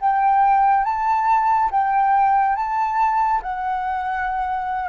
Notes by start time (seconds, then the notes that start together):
0.00 G5
0.84 A5
1.71 G5
2.56 A5
3.42 F#5